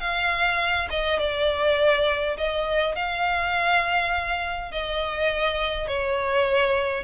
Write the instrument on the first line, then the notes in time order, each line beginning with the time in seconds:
violin
0.00 F5
0.90 D#5
1.19 D5
2.37 D#5
2.95 F5
4.71 D#5
5.87 C#5